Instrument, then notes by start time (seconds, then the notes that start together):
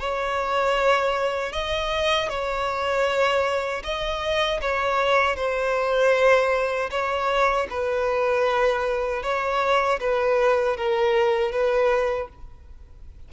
violin
0.00 C#5
1.53 D#5
2.30 C#5
3.84 D#5
4.62 C#5
5.36 C5
6.91 C#5
7.70 B4
9.23 C#5
10.00 B4
10.77 A#4
11.52 B4